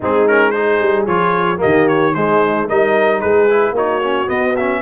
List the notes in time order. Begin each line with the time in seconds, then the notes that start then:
0.00 G#3 C4 D#4 G#4
0.27 C#4 A#4
0.50 D#4 G#4 C5
0.81 G3
1.06 F3 F4 C#5
1.57 A#3 G4 D#5
1.64 D#3
1.88 C#5
2.14 G#3 D#4 C5
2.67 G3 D#4 A#4 D#5
3.19 G#3 G#4 B4
3.49 E4
3.71 A#3 D#4 F#4 C#5
4.03 C#4
4.26 B3 D#5
4.56 C#4 E5